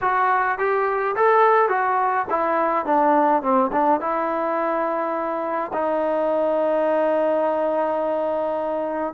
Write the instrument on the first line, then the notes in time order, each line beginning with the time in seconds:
trombone
0.01 F#4
0.58 G4
1.16 A4
1.69 F#4
2.30 E4
2.85 D4
3.42 C4
3.72 D4
4.00 E4
5.73 D#4